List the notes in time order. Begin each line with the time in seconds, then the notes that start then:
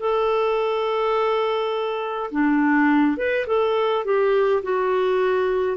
0.00 A4
2.31 D4
3.17 B4
3.47 A4
4.05 G4
4.63 F#4